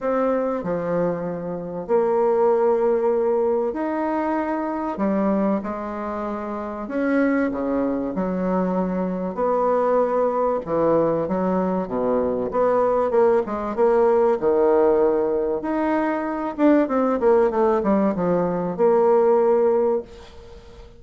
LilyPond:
\new Staff \with { instrumentName = "bassoon" } { \time 4/4 \tempo 4 = 96 c'4 f2 ais4~ | ais2 dis'2 | g4 gis2 cis'4 | cis4 fis2 b4~ |
b4 e4 fis4 b,4 | b4 ais8 gis8 ais4 dis4~ | dis4 dis'4. d'8 c'8 ais8 | a8 g8 f4 ais2 | }